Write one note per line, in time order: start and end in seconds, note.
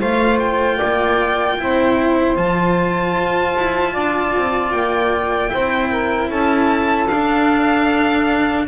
0.00 0.80 A3
0.00 1.59 F4
0.00 0.77 C5
0.00 0.39 F5
0.39 2.37 G5
0.77 1.60 A#3
0.77 1.56 D5
1.59 2.37 C4
1.59 2.37 E4
1.59 3.93 C5
2.37 3.16 F3
2.37 5.49 F4
2.37 4.72 A5
3.16 3.55 F4
3.57 3.96 E4
3.93 4.36 D4
3.93 5.51 D5
4.37 4.73 C4
4.72 5.52 A#3
4.72 6.30 G5
5.49 6.30 C4
5.49 7.07 E4
5.49 5.90 C5
5.90 6.29 A#4
6.29 7.09 C#4
6.29 8.66 A4
6.29 7.08 A5
7.08 8.68 D4
7.08 8.66 F5